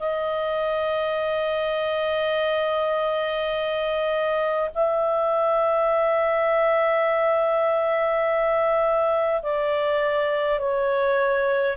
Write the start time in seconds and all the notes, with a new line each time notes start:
0.00 D#5
4.75 E5
9.43 D5
10.60 C#5